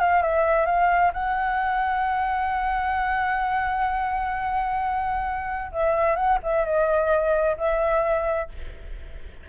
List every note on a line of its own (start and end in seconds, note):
0.00 0.22 F5
0.22 0.66 E5
0.66 1.12 F5
1.14 5.72 F#5
5.72 6.16 E5
6.16 6.39 F#5
6.43 6.65 E5
6.65 7.57 D#5
7.58 8.49 E5